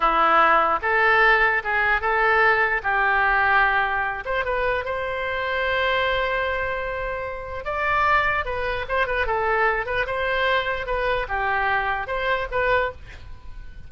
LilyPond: \new Staff \with { instrumentName = "oboe" } { \time 4/4 \tempo 4 = 149 e'2 a'2 | gis'4 a'2 g'4~ | g'2~ g'8 c''8 b'4 | c''1~ |
c''2. d''4~ | d''4 b'4 c''8 b'8 a'4~ | a'8 b'8 c''2 b'4 | g'2 c''4 b'4 | }